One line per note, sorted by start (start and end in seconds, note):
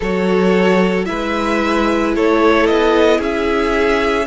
0.00 1.08 F#3
0.00 1.05 F#4
0.00 1.06 A4
0.00 1.05 C#5
1.05 2.16 G#3
1.05 4.26 E4
1.05 2.15 B4
1.05 2.12 E5
2.15 2.69 A3
2.15 3.19 A4
2.15 2.66 C#5
2.66 3.19 B3
2.66 3.20 D#5
3.19 4.26 C#4
3.19 4.26 G#4
3.19 4.26 E5